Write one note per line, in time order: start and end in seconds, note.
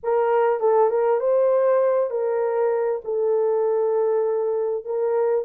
0.03 0.60 A#4
0.60 0.90 A4
0.90 1.20 A#4
1.20 2.10 C5
2.10 3.01 A#4
3.04 4.85 A4
4.85 5.45 A#4